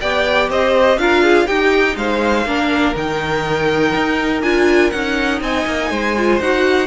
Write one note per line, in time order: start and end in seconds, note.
0.00 0.49 B3
0.00 0.99 G4
0.00 0.50 D5
0.00 0.49 G5
0.49 0.97 C4
0.49 0.99 C5
0.49 0.98 D#5
0.97 1.46 D4
0.97 1.48 F4
0.97 1.23 A#4
0.97 1.47 F5
1.23 1.47 G#4
1.47 2.46 D#4
1.47 1.96 D#4
1.47 1.96 G4
1.47 1.97 G5
1.96 2.45 G#3
1.96 2.48 C5
1.96 2.95 F5
2.45 2.94 A#3
2.45 2.94 D4
2.45 5.42 A#4
2.94 3.94 D#3
2.94 4.42 D#4
2.94 4.42 G5
3.95 4.43 D#4
4.42 4.92 D4
4.42 4.92 F4
4.42 4.90 G#5
4.90 5.41 C#4
4.90 6.16 D#4
4.90 5.40 F#5
5.41 5.66 C4
5.41 5.90 D#5
5.41 6.40 G#5
5.66 5.90 A#3
5.90 6.40 G#3
5.90 6.87 C5
6.17 6.42 F4
6.40 6.87 D#4
6.40 6.87 F#4
6.40 6.87 F#5